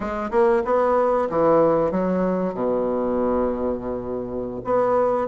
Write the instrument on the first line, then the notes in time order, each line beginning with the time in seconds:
bassoon
0.00 G#3
0.30 A#3
0.64 B3
1.29 E3
1.91 F#3
2.54 B2
4.64 B3